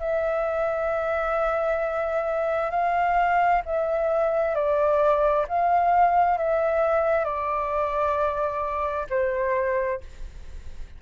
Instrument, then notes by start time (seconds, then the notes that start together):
flute
0.00 E5
2.71 F5
3.65 E5
4.55 D5
5.48 F5
6.38 E5
7.25 D5
9.10 C5